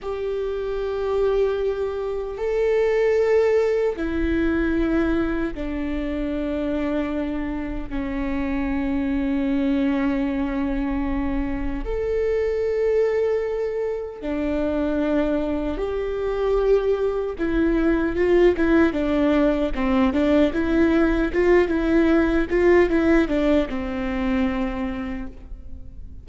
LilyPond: \new Staff \with { instrumentName = "viola" } { \time 4/4 \tempo 4 = 76 g'2. a'4~ | a'4 e'2 d'4~ | d'2 cis'2~ | cis'2. a'4~ |
a'2 d'2 | g'2 e'4 f'8 e'8 | d'4 c'8 d'8 e'4 f'8 e'8~ | e'8 f'8 e'8 d'8 c'2 | }